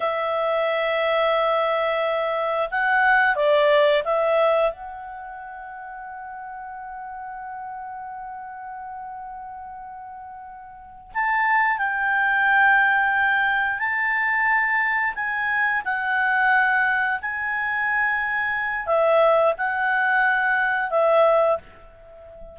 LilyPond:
\new Staff \with { instrumentName = "clarinet" } { \time 4/4 \tempo 4 = 89 e''1 | fis''4 d''4 e''4 fis''4~ | fis''1~ | fis''1~ |
fis''8 a''4 g''2~ g''8~ | g''8 a''2 gis''4 fis''8~ | fis''4. gis''2~ gis''8 | e''4 fis''2 e''4 | }